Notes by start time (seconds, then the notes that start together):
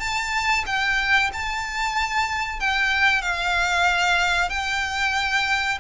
0.00 A5
0.66 G5
1.33 A5
2.60 G5
3.22 F5
4.50 G5